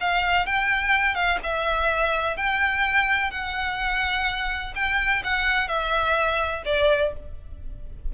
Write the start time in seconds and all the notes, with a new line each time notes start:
0.00 F5
0.46 G5
1.15 F5
1.43 E5
2.37 G5
3.31 F#5
4.75 G5
5.24 F#5
5.68 E5
6.65 D5